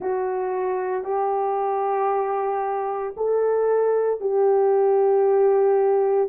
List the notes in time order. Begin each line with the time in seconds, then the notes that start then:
0.00 F#4
1.03 G4
3.16 A4
4.20 G4